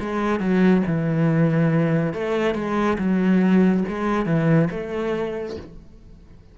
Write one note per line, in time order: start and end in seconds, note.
0.00 0.40 G#3
0.40 0.83 F#3
0.87 2.14 E3
2.14 2.55 A3
2.55 2.98 G#3
2.98 3.84 F#3
3.89 4.26 G#3
4.26 4.69 E3
4.71 5.57 A3